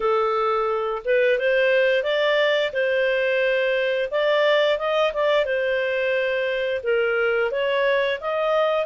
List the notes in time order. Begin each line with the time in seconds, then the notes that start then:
0.00 A4
1.04 B4
1.38 C5
2.03 D5
2.72 C5
4.11 D5
4.78 D#5
5.13 D5
5.45 C5
6.83 A#4
7.51 C#5
8.20 D#5